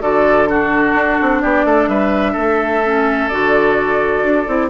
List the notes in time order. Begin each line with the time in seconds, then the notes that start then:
0.00 D3 F#4 A4 D5
0.46 D4 F#4 A4
0.94 D4
1.21 C4
1.41 B3 G4 D5
1.64 A3 A4
1.87 G3 B4 E5
2.32 A3 A4
2.84 C#4
3.28 D3 F#4 D5
4.23 D4
4.46 C4 E4